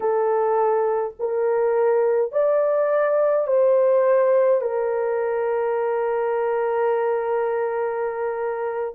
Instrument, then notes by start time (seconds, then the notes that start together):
horn
0.00 A4
1.19 A#4
2.32 D5
3.47 C5
4.61 A#4